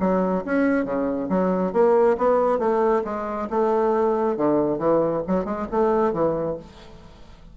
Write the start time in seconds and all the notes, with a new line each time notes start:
0.00 F#3
0.45 C#4
0.85 C#3
1.29 F#3
1.73 A#3
2.18 B3
2.59 A3
3.05 G#3
3.50 A3
4.37 D3
4.79 E3
5.27 F#3
5.45 G#3
5.71 A3
6.13 E3